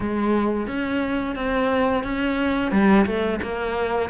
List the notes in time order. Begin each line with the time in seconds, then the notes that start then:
0.00 G#3
0.67 C#4
1.35 C4
2.03 C#4
2.71 G3
3.06 A3
3.42 A#3